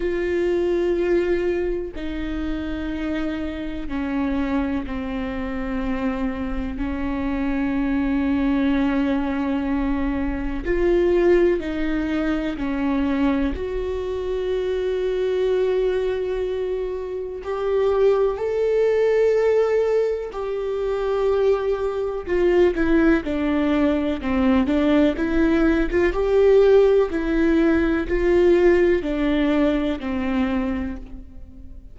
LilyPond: \new Staff \with { instrumentName = "viola" } { \time 4/4 \tempo 4 = 62 f'2 dis'2 | cis'4 c'2 cis'4~ | cis'2. f'4 | dis'4 cis'4 fis'2~ |
fis'2 g'4 a'4~ | a'4 g'2 f'8 e'8 | d'4 c'8 d'8 e'8. f'16 g'4 | e'4 f'4 d'4 c'4 | }